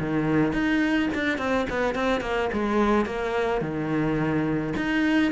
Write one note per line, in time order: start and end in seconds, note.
0.00 0.53 D#3
0.53 1.09 D#4
1.15 1.38 D4
1.38 1.66 C4
1.70 1.95 B3
1.95 2.21 C4
2.21 2.49 A#3
2.53 3.06 G#3
3.06 3.62 A#3
3.62 4.74 D#3
4.77 5.32 D#4